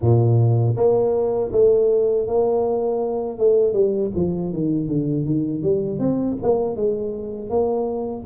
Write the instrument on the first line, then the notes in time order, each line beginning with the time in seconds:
tuba
0.01 A#2
0.76 A#3
1.52 A3
2.27 A#3
3.38 A3
3.73 G3
4.15 F3
4.52 D#3
4.88 D3
5.25 D#3
5.62 G3
5.99 C4
6.42 A#3
6.75 G#3
7.49 A#3